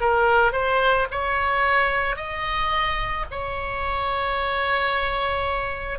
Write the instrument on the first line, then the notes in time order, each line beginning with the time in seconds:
oboe
0.00 A#4
0.52 C5
1.11 C#5
2.16 D#5
3.31 C#5